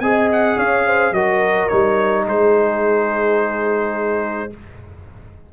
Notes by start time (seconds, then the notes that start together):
0.00 C4 G#4 D#5 G#5
0.32 F#5
0.57 C#4 C#5 F5
0.86 C5
1.11 F#3 F#4 A#4 D#5
1.68 G3 D#4 C#5
2.25 G#3 G#4 C5